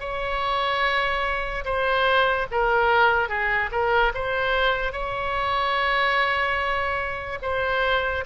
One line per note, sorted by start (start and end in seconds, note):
0.00 1.64 C#5
1.65 2.47 C5
2.51 3.29 A#4
3.29 3.70 G#4
3.72 4.13 A#4
4.14 4.92 C5
4.92 7.39 C#5
7.42 8.24 C5